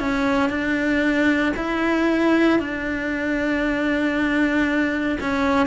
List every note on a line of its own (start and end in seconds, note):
0.00 0.50 C#4
0.50 1.53 D4
1.57 2.60 E4
2.60 5.18 D4
5.21 5.67 C#4